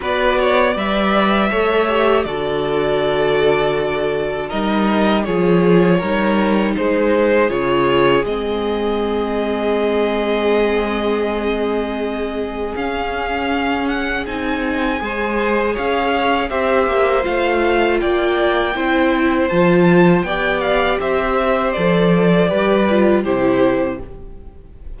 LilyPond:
<<
  \new Staff \with { instrumentName = "violin" } { \time 4/4 \tempo 4 = 80 d''4 e''2 d''4~ | d''2 dis''4 cis''4~ | cis''4 c''4 cis''4 dis''4~ | dis''1~ |
dis''4 f''4. fis''8 gis''4~ | gis''4 f''4 e''4 f''4 | g''2 a''4 g''8 f''8 | e''4 d''2 c''4 | }
  \new Staff \with { instrumentName = "violin" } { \time 4/4 b'8 cis''8 d''4 cis''4 a'4~ | a'2 ais'4 gis'4 | ais'4 gis'2.~ | gis'1~ |
gis'1 | c''4 cis''4 c''2 | d''4 c''2 d''4 | c''2 b'4 g'4 | }
  \new Staff \with { instrumentName = "viola" } { \time 4/4 fis'4 b'4 a'8 g'8 fis'4~ | fis'2 dis'4 f'4 | dis'2 f'4 c'4~ | c'1~ |
c'4 cis'2 dis'4 | gis'2 g'4 f'4~ | f'4 e'4 f'4 g'4~ | g'4 a'4 g'8 f'8 e'4 | }
  \new Staff \with { instrumentName = "cello" } { \time 4/4 b4 g4 a4 d4~ | d2 g4 f4 | g4 gis4 cis4 gis4~ | gis1~ |
gis4 cis'2 c'4 | gis4 cis'4 c'8 ais8 a4 | ais4 c'4 f4 b4 | c'4 f4 g4 c4 | }
>>